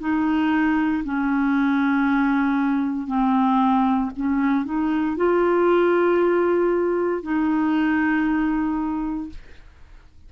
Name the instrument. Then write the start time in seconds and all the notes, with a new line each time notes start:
clarinet
0.00 D#4
1.04 C#4
3.08 C4
4.17 C#4
4.65 D#4
5.17 F4
7.23 D#4